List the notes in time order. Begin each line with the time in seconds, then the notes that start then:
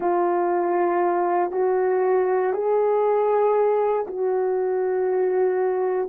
0.00 F4
1.51 F#4
2.53 G#4
4.07 F#4